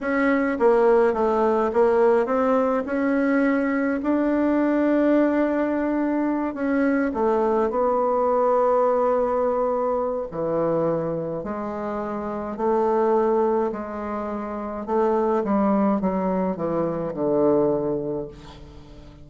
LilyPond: \new Staff \with { instrumentName = "bassoon" } { \time 4/4 \tempo 4 = 105 cis'4 ais4 a4 ais4 | c'4 cis'2 d'4~ | d'2.~ d'8 cis'8~ | cis'8 a4 b2~ b8~ |
b2 e2 | gis2 a2 | gis2 a4 g4 | fis4 e4 d2 | }